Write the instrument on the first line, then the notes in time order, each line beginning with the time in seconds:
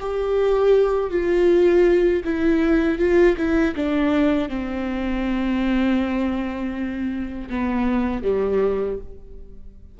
viola
0.00 G4
1.11 F4
2.25 E4
2.99 F4
3.38 E4
3.76 D4
4.49 C4
7.50 B3
8.23 G3